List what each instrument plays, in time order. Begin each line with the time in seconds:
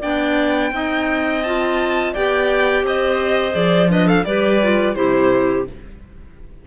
0.00 cello B3, clarinet D4 D5, violin G5
0.72 cello C4, clarinet D#4 D#5
1.43 clarinet F4, violin A5
2.13 cello B3, clarinet G4 D5, violin G5
2.83 cello C4, clarinet C5, violin D#5
3.52 cello F3, clarinet G#4, violin D5
3.89 clarinet D4 B4, violin D#5
4.07 clarinet A4, violin F5
4.24 cello G3, clarinet G4 B4, violin D5
4.62 clarinet F4
4.94 cello C3, clarinet E4 G4, violin C5